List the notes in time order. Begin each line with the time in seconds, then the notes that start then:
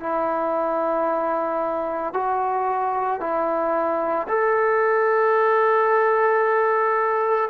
0.00 E4
2.14 F#4
3.20 E4
4.28 A4